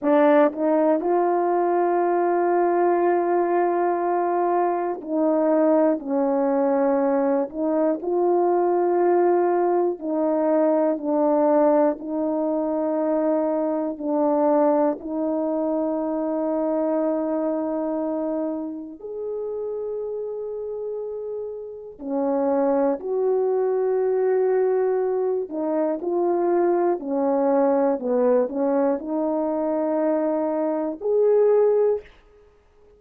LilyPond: \new Staff \with { instrumentName = "horn" } { \time 4/4 \tempo 4 = 60 d'8 dis'8 f'2.~ | f'4 dis'4 cis'4. dis'8 | f'2 dis'4 d'4 | dis'2 d'4 dis'4~ |
dis'2. gis'4~ | gis'2 cis'4 fis'4~ | fis'4. dis'8 f'4 cis'4 | b8 cis'8 dis'2 gis'4 | }